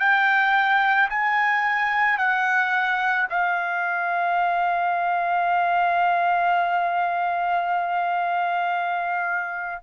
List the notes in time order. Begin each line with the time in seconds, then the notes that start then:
0.00 G5
1.10 G#5
2.18 F#5
3.30 F5